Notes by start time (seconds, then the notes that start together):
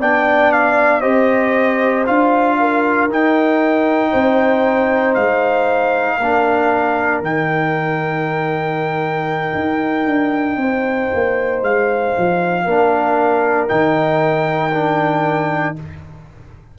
0.00 B3 D4 D5 G5
0.53 F5
1.01 C4 G4 C5 D#5
2.06 D4 F4 F5
2.60 A#4
3.09 D#4 G5
4.11 C4 C5
5.15 G#3 F5
6.18 A#3 D4 A#4
7.22 D#3 D#4 G5
9.55 D#4
10.06 D4
10.57 C4 C5
11.14 A#3
11.62 G#3 F5
12.18 F3
12.65 A#3 D4 A#4
13.68 D#3 D#4 G5
14.73 D4